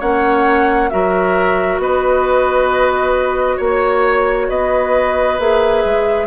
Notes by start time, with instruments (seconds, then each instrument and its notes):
0.00 bassoon A#3, clarinet C#4, oboe C#5, flute F#5
0.90 bassoon F#3, clarinet F#4, oboe A#4, flute E5
1.79 bassoon B3, oboe B4, flute D#5
3.57 bassoon A#3, oboe C#5, flute C#5
4.49 bassoon B3, oboe B4, flute D#5
5.39 bassoon A#3, clarinet G#4, flute E5
5.85 bassoon G#3